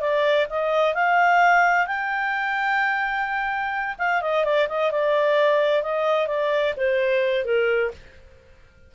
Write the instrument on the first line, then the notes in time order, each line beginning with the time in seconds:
clarinet
0.00 D5
0.49 D#5
0.94 F5
1.87 G5
3.99 F5
4.21 D#5
4.44 D5
4.68 D#5
4.91 D5
5.83 D#5
6.27 D5
6.77 C5
7.45 A#4